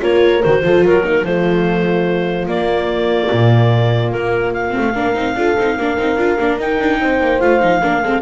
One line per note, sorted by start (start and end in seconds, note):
0.00 0.43 A#3
0.00 0.41 F4
0.00 0.63 A#4
0.00 0.43 C#5
0.43 0.63 D#3
0.43 0.62 F#4
0.43 0.84 C5
0.62 0.84 F3
0.62 1.03 F4
0.62 0.85 A4
0.84 1.23 F#3
0.84 1.03 A#4
0.84 1.24 A#4
1.03 1.23 A#3
1.03 1.24 D#4
1.23 2.46 F3
1.23 2.48 A3
1.23 4.94 F4
1.23 2.48 C5
2.48 3.30 A#3
2.48 4.70 A#3
2.48 4.11 D5
3.31 4.14 A#2
4.11 4.75 A#3
4.11 4.52 A#4
4.53 6.58 F5
4.70 4.91 C4
4.77 4.97 A3
4.94 5.15 A#3
4.94 5.14 D4
4.94 5.35 A#4
5.14 5.35 C4
5.14 5.35 D#4
5.35 5.56 D4
5.35 5.57 F4
5.35 5.77 A4
5.58 5.77 C4
5.58 5.79 D#4
5.77 5.97 A#3
5.77 5.97 D4
5.77 7.00 A#4
5.97 6.16 C4
5.97 6.18 D#4
6.16 6.37 D4
6.16 6.38 F4
6.38 6.57 A#3
6.38 6.60 D4
6.57 6.78 D#4
6.57 7.40 D#4
6.57 7.40 G5
6.80 7.00 D4
7.00 7.20 C4
7.00 7.82 C5
7.20 7.41 A#3
7.40 7.62 A3
7.40 7.60 F4
7.40 8.22 F5
7.60 7.82 F3
7.60 7.80 D#4
7.82 8.02 A#3
7.82 8.03 D4
7.82 8.02 A#4
8.02 8.22 G#3
8.02 8.22 C4
8.02 8.22 A4